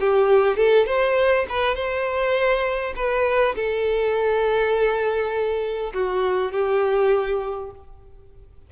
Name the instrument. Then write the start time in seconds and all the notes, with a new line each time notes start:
violin
0.00 G4
0.57 A4
0.87 C5
1.49 B4
1.75 C5
2.96 B4
3.56 A4
5.94 F#4
6.52 G4